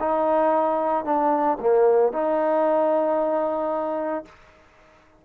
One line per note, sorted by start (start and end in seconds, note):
0.00 1.05 D#4
1.05 1.58 D4
1.61 2.13 A#3
2.13 4.26 D#4